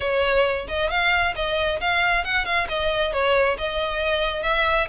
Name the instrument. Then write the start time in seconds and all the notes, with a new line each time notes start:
violin
0.00 C#5
0.68 D#5
0.89 F5
1.35 D#5
1.80 F5
2.24 F#5
2.45 F5
2.68 D#5
3.13 C#5
3.58 D#5
4.43 E5